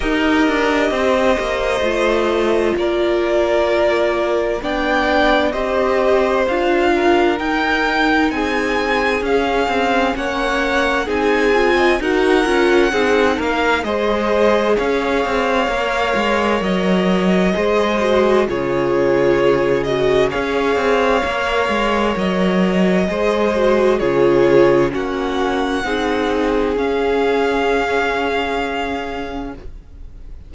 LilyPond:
<<
  \new Staff \with { instrumentName = "violin" } { \time 4/4 \tempo 4 = 65 dis''2. d''4~ | d''4 g''4 dis''4 f''4 | g''4 gis''4 f''4 fis''4 | gis''4 fis''4. f''8 dis''4 |
f''2 dis''2 | cis''4. dis''8 f''2 | dis''2 cis''4 fis''4~ | fis''4 f''2. | }
  \new Staff \with { instrumentName = "violin" } { \time 4/4 ais'4 c''2 ais'4~ | ais'4 d''4 c''4. ais'8~ | ais'4 gis'2 cis''4 | gis'8. dis''16 ais'4 gis'8 ais'8 c''4 |
cis''2. c''4 | gis'2 cis''2~ | cis''4 c''4 gis'4 fis'4 | gis'1 | }
  \new Staff \with { instrumentName = "viola" } { \time 4/4 g'2 f'2~ | f'4 d'4 g'4 f'4 | dis'2 cis'2 | dis'8 f'8 fis'8 f'8 dis'4 gis'4~ |
gis'4 ais'2 gis'8 fis'8 | f'4. fis'8 gis'4 ais'4~ | ais'4 gis'8 fis'8 f'4 cis'4 | dis'4 cis'2. | }
  \new Staff \with { instrumentName = "cello" } { \time 4/4 dis'8 d'8 c'8 ais8 a4 ais4~ | ais4 b4 c'4 d'4 | dis'4 c'4 cis'8 c'8 ais4 | c'4 dis'8 cis'8 c'8 ais8 gis4 |
cis'8 c'8 ais8 gis8 fis4 gis4 | cis2 cis'8 c'8 ais8 gis8 | fis4 gis4 cis4 ais4 | c'4 cis'2. | }
>>